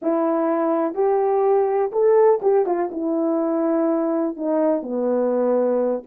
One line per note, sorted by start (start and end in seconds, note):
0.02 0.94 E4
0.94 1.91 G4
1.92 2.40 A4
2.41 2.65 G4
2.65 2.90 F4
2.91 4.36 E4
4.36 4.82 D#4
4.82 6.03 B3